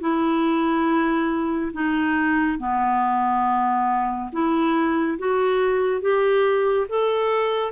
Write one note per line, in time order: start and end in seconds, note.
0.00 1.71 E4
1.73 2.58 D#4
2.59 4.30 B3
4.32 5.18 E4
5.18 6.01 F#4
6.01 6.86 G4
6.88 7.71 A4